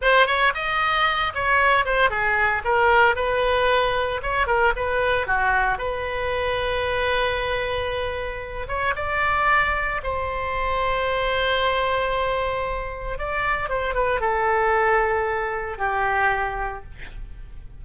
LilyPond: \new Staff \with { instrumentName = "oboe" } { \time 4/4 \tempo 4 = 114 c''8 cis''8 dis''4. cis''4 c''8 | gis'4 ais'4 b'2 | cis''8 ais'8 b'4 fis'4 b'4~ | b'1~ |
b'8 cis''8 d''2 c''4~ | c''1~ | c''4 d''4 c''8 b'8 a'4~ | a'2 g'2 | }